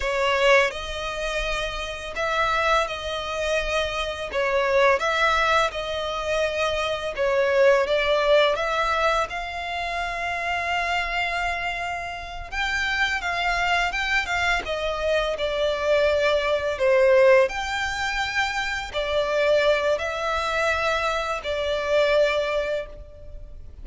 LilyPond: \new Staff \with { instrumentName = "violin" } { \time 4/4 \tempo 4 = 84 cis''4 dis''2 e''4 | dis''2 cis''4 e''4 | dis''2 cis''4 d''4 | e''4 f''2.~ |
f''4. g''4 f''4 g''8 | f''8 dis''4 d''2 c''8~ | c''8 g''2 d''4. | e''2 d''2 | }